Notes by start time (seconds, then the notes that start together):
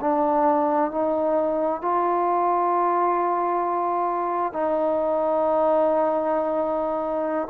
0.00 D4
0.91 D#4
1.82 F4
4.52 D#4